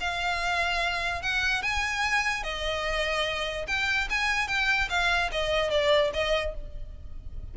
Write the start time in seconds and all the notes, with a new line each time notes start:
0.00 F5
1.22 F#5
1.62 G#5
2.43 D#5
3.67 G5
4.09 G#5
4.47 G5
4.89 F5
5.32 D#5
5.70 D5
6.13 D#5